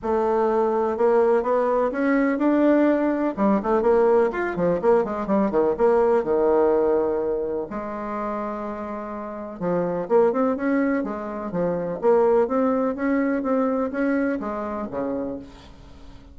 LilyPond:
\new Staff \with { instrumentName = "bassoon" } { \time 4/4 \tempo 4 = 125 a2 ais4 b4 | cis'4 d'2 g8 a8 | ais4 f'8 f8 ais8 gis8 g8 dis8 | ais4 dis2. |
gis1 | f4 ais8 c'8 cis'4 gis4 | f4 ais4 c'4 cis'4 | c'4 cis'4 gis4 cis4 | }